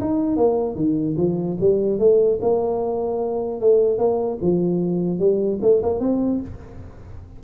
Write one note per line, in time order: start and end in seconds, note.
0.00 0.37 D#4
0.37 0.75 A#3
0.75 1.15 D#3
1.17 1.57 F3
1.60 1.99 G3
1.99 2.39 A3
2.41 3.60 A#3
3.60 3.98 A3
3.98 4.38 A#3
4.41 5.19 F3
5.19 5.59 G3
5.62 5.82 A3
5.82 6.00 A#3
6.00 6.40 C4